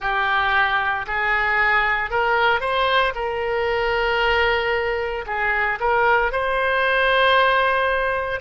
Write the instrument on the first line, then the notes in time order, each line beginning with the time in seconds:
oboe
0.00 G4
1.06 G#4
2.10 A#4
2.60 C5
3.14 A#4
5.26 G#4
5.79 A#4
6.32 C5